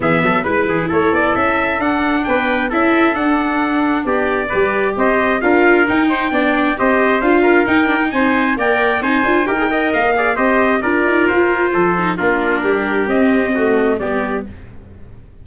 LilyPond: <<
  \new Staff \with { instrumentName = "trumpet" } { \time 4/4 \tempo 4 = 133 e''4 b'4 cis''8 d''8 e''4 | fis''4 g''4 e''4 fis''4~ | fis''4 d''2 dis''4 | f''4 g''2 dis''4 |
f''4 g''4 gis''4 g''4 | gis''4 g''4 f''4 dis''4 | d''4 c''2 ais'4~ | ais'4 dis''2 d''4 | }
  \new Staff \with { instrumentName = "trumpet" } { \time 4/4 gis'8 a'8 b'8 gis'8 a'2~ | a'4 b'4 a'2~ | a'4 g'4 b'4 c''4 | ais'4. c''8 d''4 c''4~ |
c''8 ais'4. c''4 d''4 | c''4 ais'8 dis''4 d''8 c''4 | ais'2 a'4 f'4 | g'2 fis'4 g'4 | }
  \new Staff \with { instrumentName = "viola" } { \time 4/4 b4 e'2. | d'2 e'4 d'4~ | d'2 g'2 | f'4 dis'4 d'4 g'4 |
f'4 dis'8 d'16 dis'4~ dis'16 ais'4 | dis'8 f'8 g'16 gis'16 ais'4 gis'8 g'4 | f'2~ f'8 dis'8 d'4~ | d'4 c'4 a4 b4 | }
  \new Staff \with { instrumentName = "tuba" } { \time 4/4 e8 fis8 gis8 e8 a8 b8 cis'4 | d'4 b4 cis'4 d'4~ | d'4 b4 g4 c'4 | d'4 dis'4 b4 c'4 |
d'4 dis'4 c'4 ais4 | c'8 d'8 dis'4 ais4 c'4 | d'8 dis'8 f'4 f4 ais4 | g4 c'2 g4 | }
>>